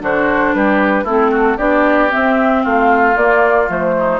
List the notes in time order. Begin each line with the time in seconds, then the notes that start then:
0.00 D3 D4 F#4 C5
0.54 G3 G4 B4
1.04 A3 C4 E4 A4
1.31 F#4
1.57 B3 D4 G4 D5
2.10 C4 E5
2.63 A3 F4 F5
3.16 A#3 D5
3.68 F3 A3 C5
3.99 D#4